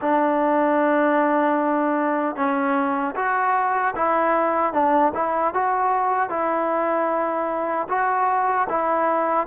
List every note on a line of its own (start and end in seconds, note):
0.01 2.35 D4
2.35 3.14 C#4
3.15 3.94 F#4
3.95 4.73 E4
4.73 5.12 D4
5.14 5.53 E4
5.53 6.29 F#4
6.29 7.87 E4
7.88 8.67 F#4
8.69 9.46 E4